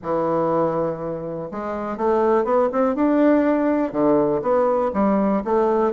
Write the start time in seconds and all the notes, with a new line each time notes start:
0.02 E3
1.51 G#3
1.97 A3
2.44 B3
2.72 C4
2.95 D4
3.92 D3
4.42 B3
4.93 G3
5.44 A3